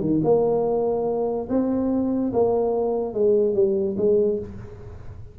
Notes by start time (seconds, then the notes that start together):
0.00 D#3
0.24 A#3
1.49 C4
2.32 A#3
3.13 G#3
3.54 G3
3.97 G#3